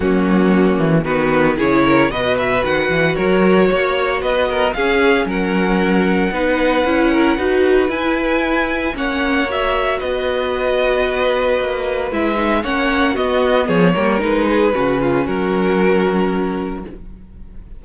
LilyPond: <<
  \new Staff \with { instrumentName = "violin" } { \time 4/4 \tempo 4 = 114 fis'2 b'4 cis''4 | dis''8 e''8 fis''4 cis''2 | dis''4 f''4 fis''2~ | fis''2. gis''4~ |
gis''4 fis''4 e''4 dis''4~ | dis''2. e''4 | fis''4 dis''4 cis''4 b'4~ | b'4 ais'2. | }
  \new Staff \with { instrumentName = "violin" } { \time 4/4 cis'2 fis'4 gis'8 ais'8 | b'2 ais'4 cis''4 | b'8 ais'8 gis'4 ais'2 | b'4. ais'8 b'2~ |
b'4 cis''2 b'4~ | b'1 | cis''4 fis'4 gis'8 ais'4 gis'8 | fis'8 f'8 fis'2. | }
  \new Staff \with { instrumentName = "viola" } { \time 4/4 ais2 b4 e'4 | fis'1~ | fis'4 cis'2. | dis'4 e'4 fis'4 e'4~ |
e'4 cis'4 fis'2~ | fis'2. e'8 dis'8 | cis'4 b4. ais8 dis'4 | cis'1 | }
  \new Staff \with { instrumentName = "cello" } { \time 4/4 fis4. e8 dis4 cis4 | b,4 dis8 e8 fis4 ais4 | b4 cis'4 fis2 | b4 cis'4 dis'4 e'4~ |
e'4 ais2 b4~ | b2 ais4 gis4 | ais4 b4 f8 g8 gis4 | cis4 fis2. | }
>>